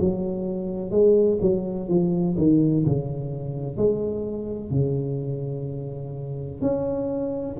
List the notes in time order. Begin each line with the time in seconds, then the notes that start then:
0.00 F#3
0.90 G#3
1.41 F#3
1.88 F3
2.38 D#3
2.85 C#3
3.77 G#3
4.71 C#3
6.61 C#4